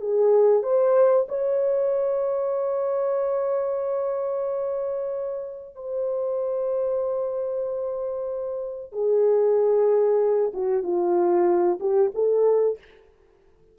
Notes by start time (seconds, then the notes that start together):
0.00 G#4
0.63 C5
1.28 C#5
5.75 C5
8.92 G#4
10.53 F#4
10.83 F4
11.79 G4
12.14 A4